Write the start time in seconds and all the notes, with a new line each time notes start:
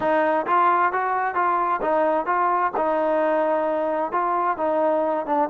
0.00 D#4
0.46 F4
0.92 F#4
1.34 F4
1.81 D#4
2.26 F4
2.76 D#4
4.11 F4
4.57 D#4
5.26 D4